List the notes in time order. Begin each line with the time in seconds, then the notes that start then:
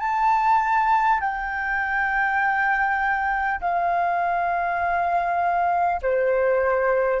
0.00 A5
1.20 G5
3.60 F5
6.02 C5